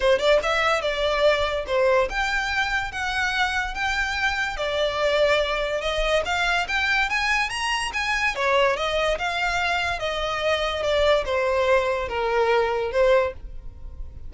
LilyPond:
\new Staff \with { instrumentName = "violin" } { \time 4/4 \tempo 4 = 144 c''8 d''8 e''4 d''2 | c''4 g''2 fis''4~ | fis''4 g''2 d''4~ | d''2 dis''4 f''4 |
g''4 gis''4 ais''4 gis''4 | cis''4 dis''4 f''2 | dis''2 d''4 c''4~ | c''4 ais'2 c''4 | }